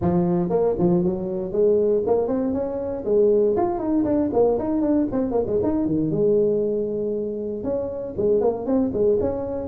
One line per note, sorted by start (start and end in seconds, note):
0.01 0.49 F3
0.49 0.75 A#3
0.78 1.03 F3
1.03 1.52 F#3
1.52 2.02 G#3
2.06 2.27 A#3
2.27 2.53 C4
2.53 3.04 C#4
3.04 3.55 G#3
3.56 3.78 F4
3.78 4.04 D#4
4.04 4.29 D4
4.33 4.58 A#3
4.59 4.81 D#4
4.81 5.06 D4
5.11 5.31 C4
5.31 5.44 A#3
5.46 5.59 G#3
5.63 5.85 D#4
5.85 6.10 D#3
6.10 7.63 G#3
7.63 8.14 C#4
8.17 8.40 G#3
8.40 8.66 A#3
8.66 8.91 C4
8.93 9.18 G#3
9.20 9.68 C#4